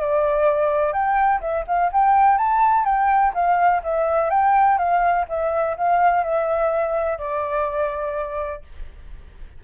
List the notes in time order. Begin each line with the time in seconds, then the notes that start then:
0.00 D5
0.93 G5
1.41 E5
1.67 F5
1.92 G5
2.37 A5
2.85 G5
3.34 F5
3.83 E5
4.30 G5
4.78 F5
5.29 E5
5.77 F5
6.24 E5
7.18 D5